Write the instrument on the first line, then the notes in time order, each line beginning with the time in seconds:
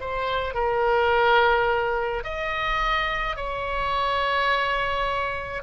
oboe
0.00 C5
0.54 A#4
2.23 D#5
3.36 C#5